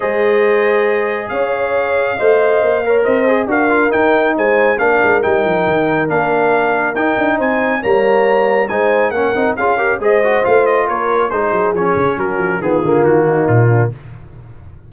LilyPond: <<
  \new Staff \with { instrumentName = "trumpet" } { \time 4/4 \tempo 4 = 138 dis''2. f''4~ | f''2. dis''4 | f''4 g''4 gis''4 f''4 | g''2 f''2 |
g''4 gis''4 ais''2 | gis''4 fis''4 f''4 dis''4 | f''8 dis''8 cis''4 c''4 cis''4 | ais'4 gis'4 fis'4 f'4 | }
  \new Staff \with { instrumentName = "horn" } { \time 4/4 c''2. cis''4~ | cis''4 dis''4. cis''8 c''4 | ais'2 c''4 ais'4~ | ais'1~ |
ais'4 c''4 cis''2 | c''4 ais'4 gis'8 ais'8 c''4~ | c''4 ais'4 gis'2 | fis'4 f'4. dis'4 d'8 | }
  \new Staff \with { instrumentName = "trombone" } { \time 4/4 gis'1~ | gis'4 c''4. ais'4 gis'8 | fis'8 f'8 dis'2 d'4 | dis'2 d'2 |
dis'2 ais2 | dis'4 cis'8 dis'8 f'8 g'8 gis'8 fis'8 | f'2 dis'4 cis'4~ | cis'4 b8 ais2~ ais8 | }
  \new Staff \with { instrumentName = "tuba" } { \time 4/4 gis2. cis'4~ | cis'4 a4 ais4 c'4 | d'4 dis'4 gis4 ais8 gis8 | g8 f8 dis4 ais2 |
dis'8 d'8 c'4 g2 | gis4 ais8 c'8 cis'4 gis4 | a4 ais4 gis8 fis8 f8 cis8 | fis8 f8 dis8 d8 dis4 ais,4 | }
>>